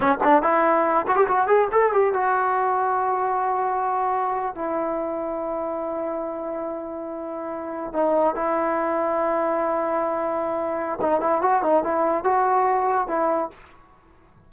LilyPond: \new Staff \with { instrumentName = "trombone" } { \time 4/4 \tempo 4 = 142 cis'8 d'8 e'4. fis'16 g'16 fis'8 gis'8 | a'8 g'8 fis'2.~ | fis'2~ fis'8. e'4~ e'16~ | e'1~ |
e'2~ e'8. dis'4 e'16~ | e'1~ | e'2 dis'8 e'8 fis'8 dis'8 | e'4 fis'2 e'4 | }